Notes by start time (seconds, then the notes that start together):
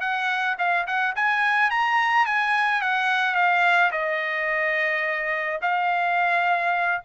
0.00 F#5
0.58 F5
0.86 F#5
1.15 G#5
1.70 A#5
2.26 G#5
2.81 F#5
3.34 F5
3.91 D#5
5.61 F5